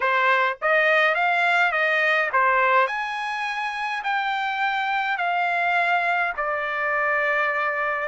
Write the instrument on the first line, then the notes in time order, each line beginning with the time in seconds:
trumpet
0.00 C5
0.61 D#5
1.15 F5
1.72 D#5
2.32 C5
2.87 G#5
4.03 G5
5.17 F5
6.36 D5